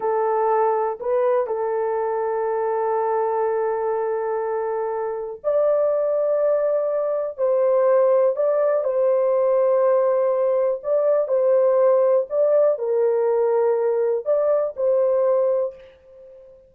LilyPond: \new Staff \with { instrumentName = "horn" } { \time 4/4 \tempo 4 = 122 a'2 b'4 a'4~ | a'1~ | a'2. d''4~ | d''2. c''4~ |
c''4 d''4 c''2~ | c''2 d''4 c''4~ | c''4 d''4 ais'2~ | ais'4 d''4 c''2 | }